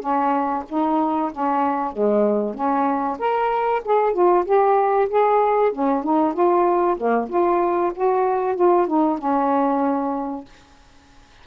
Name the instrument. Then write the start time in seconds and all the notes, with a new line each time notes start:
saxophone
0.00 C#4
0.68 D#4
1.32 C#4
1.92 G#3
2.54 C#4
3.19 A#4
3.85 G#4
4.13 F4
4.45 G4
5.09 G#4
5.72 C#4
6.03 D#4
6.34 F4
6.97 A#3
7.29 F4
7.95 F#4
8.56 F4
8.87 D#4
9.18 C#4